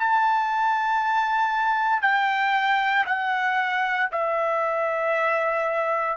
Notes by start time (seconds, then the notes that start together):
0.00 A5
2.02 G5
3.07 F#5
4.12 E5